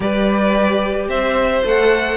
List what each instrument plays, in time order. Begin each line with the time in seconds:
0.00 cello G3, viola G4, violin B4 D5
1.08 cello C4, violin C5 E5
1.64 cello A3, viola A4, violin F#5